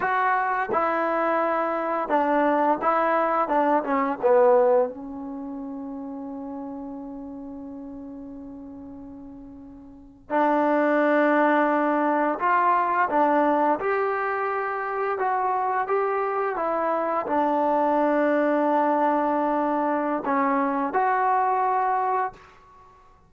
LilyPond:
\new Staff \with { instrumentName = "trombone" } { \time 4/4 \tempo 4 = 86 fis'4 e'2 d'4 | e'4 d'8 cis'8 b4 cis'4~ | cis'1~ | cis'2~ cis'8. d'4~ d'16~ |
d'4.~ d'16 f'4 d'4 g'16~ | g'4.~ g'16 fis'4 g'4 e'16~ | e'8. d'2.~ d'16~ | d'4 cis'4 fis'2 | }